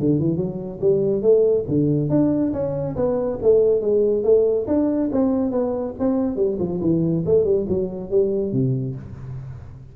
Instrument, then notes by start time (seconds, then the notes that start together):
tuba
0.00 D3
0.20 E3
0.37 F#3
0.81 G3
1.23 A3
1.68 D3
2.10 D4
2.53 C#4
2.96 B3
3.43 A3
3.82 G#3
4.24 A3
4.68 D4
5.12 C4
5.51 B3
6.00 C4
6.37 G3
6.60 F3
6.82 E3
7.26 A3
7.45 G3
7.69 F#3
8.11 G3
8.53 C3